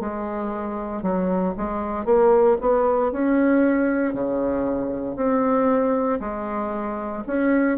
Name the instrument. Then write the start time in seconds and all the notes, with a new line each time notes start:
bassoon
0.00 G#3
1.02 F#3
1.57 G#3
2.05 A#3
2.61 B3
3.12 C#4
4.14 C#3
5.16 C4
6.20 G#3
7.27 C#4